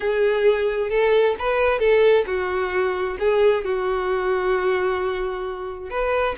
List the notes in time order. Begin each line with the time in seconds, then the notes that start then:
0.00 G#4
0.90 A4
1.38 B4
1.79 A4
2.26 F#4
3.19 G#4
3.64 F#4
5.90 B4